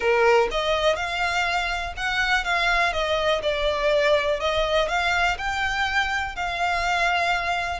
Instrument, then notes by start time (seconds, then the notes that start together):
violin
0.00 A#4
0.51 D#5
0.96 F5
1.96 F#5
2.44 F5
2.93 D#5
3.42 D5
4.40 D#5
4.88 F5
5.37 G5
6.35 F5